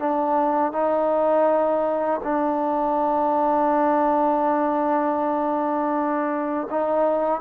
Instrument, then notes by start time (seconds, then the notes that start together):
trombone
0.00 D4
0.73 D#4
2.24 D4
6.71 D#4